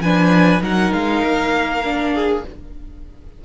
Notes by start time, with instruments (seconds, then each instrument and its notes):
0.00 cello F3, viola D4, violin B4 G#5
0.61 cello F#3, viola D#4, violin A#4 F#5
0.93 cello G#3, violin F5
1.23 cello A#3
1.84 viola D4
2.14 violin G#4